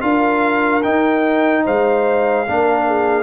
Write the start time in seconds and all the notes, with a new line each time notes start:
0.00 D4 F4 A#4 F5
0.82 D#4 G5
1.64 G#3 C5 F5
2.46 A#3 D4 A#4
2.86 G#4